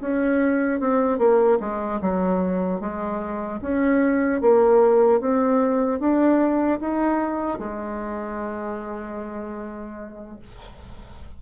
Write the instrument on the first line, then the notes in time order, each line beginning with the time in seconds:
bassoon
0.00 C#4
0.80 C4
1.18 A#3
1.60 G#3
2.01 F#3
2.80 G#3
3.61 C#4
4.41 A#3
5.20 C4
5.99 D4
6.80 D#4
7.59 G#3